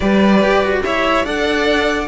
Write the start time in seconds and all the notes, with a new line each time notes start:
0.00 G3 G4 B4 D5
0.43 G4
0.63 F#4
0.84 E4 C#5 E5
1.24 D4 A4 D5 F#5